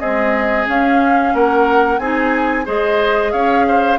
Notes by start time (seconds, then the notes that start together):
0.00 G#3 C4 G#4 D#5
0.66 C#4 F5
1.34 A#3 A#4 F#5
1.99 C4 D#4 G#4 G#5
2.66 G#3 G#4 C5 D#5
3.32 C#4 C#5 F5
3.68 C5